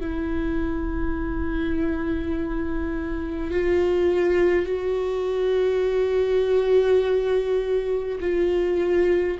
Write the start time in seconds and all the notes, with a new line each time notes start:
0.00 E4
3.51 F4
4.65 F#4
8.20 F4